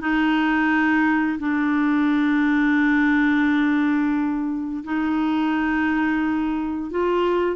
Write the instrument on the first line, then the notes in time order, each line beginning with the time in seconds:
clarinet
0.00 D#4
1.39 D4
4.84 D#4
6.91 F4